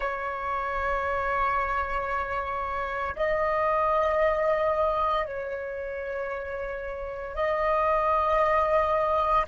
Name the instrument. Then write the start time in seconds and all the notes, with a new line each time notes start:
flute
0.00 C#5
3.16 D#5
5.25 C#5
7.35 D#5